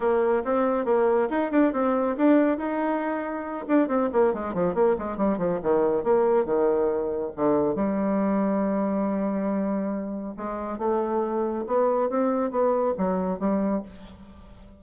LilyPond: \new Staff \with { instrumentName = "bassoon" } { \time 4/4 \tempo 4 = 139 ais4 c'4 ais4 dis'8 d'8 | c'4 d'4 dis'2~ | dis'8 d'8 c'8 ais8 gis8 f8 ais8 gis8 | g8 f8 dis4 ais4 dis4~ |
dis4 d4 g2~ | g1 | gis4 a2 b4 | c'4 b4 fis4 g4 | }